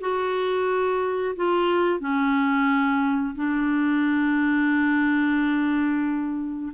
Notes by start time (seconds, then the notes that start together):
0.00 F#4
1.36 F4
2.00 C#4
3.35 D4